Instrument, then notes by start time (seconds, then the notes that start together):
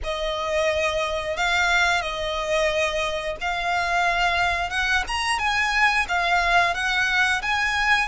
violin
0.03 D#5
1.36 F5
2.01 D#5
3.40 F5
4.70 F#5
5.07 A#5
5.38 G#5
6.08 F5
6.74 F#5
7.42 G#5